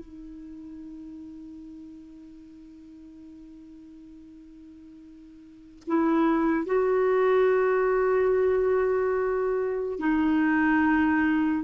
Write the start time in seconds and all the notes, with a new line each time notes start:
0.00 D#4
5.87 E4
6.66 F#4
9.99 D#4